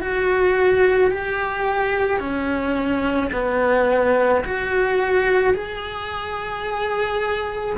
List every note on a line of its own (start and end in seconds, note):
0.00 1.10 F#4
1.10 2.19 G4
2.19 3.30 C#4
3.32 4.43 B3
4.44 5.54 F#4
5.54 7.76 G#4